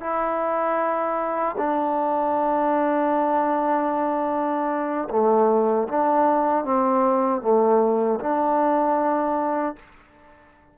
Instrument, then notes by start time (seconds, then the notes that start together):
trombone
0.00 E4
1.58 D4
5.10 A3
5.88 D4
6.65 C4
7.41 A3
8.20 D4